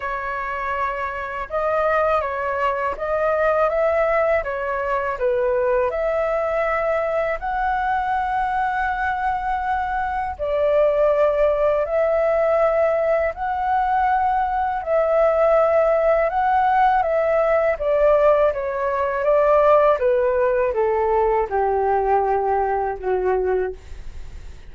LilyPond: \new Staff \with { instrumentName = "flute" } { \time 4/4 \tempo 4 = 81 cis''2 dis''4 cis''4 | dis''4 e''4 cis''4 b'4 | e''2 fis''2~ | fis''2 d''2 |
e''2 fis''2 | e''2 fis''4 e''4 | d''4 cis''4 d''4 b'4 | a'4 g'2 fis'4 | }